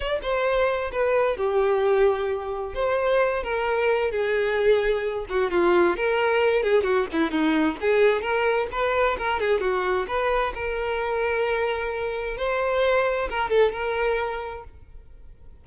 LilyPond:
\new Staff \with { instrumentName = "violin" } { \time 4/4 \tempo 4 = 131 d''8 c''4. b'4 g'4~ | g'2 c''4. ais'8~ | ais'4 gis'2~ gis'8 fis'8 | f'4 ais'4. gis'8 fis'8 e'8 |
dis'4 gis'4 ais'4 b'4 | ais'8 gis'8 fis'4 b'4 ais'4~ | ais'2. c''4~ | c''4 ais'8 a'8 ais'2 | }